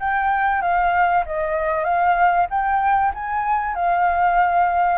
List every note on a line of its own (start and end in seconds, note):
0.00 0.62 G5
0.62 1.24 F5
1.26 1.84 D#5
1.84 2.47 F5
2.50 3.12 G5
3.14 3.75 G#5
3.75 4.98 F5